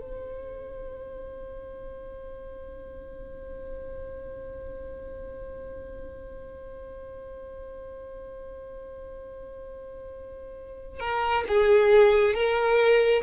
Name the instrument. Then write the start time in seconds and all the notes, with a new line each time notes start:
violin
0.00 C5
11.00 A#4
11.48 G#4
12.34 A#4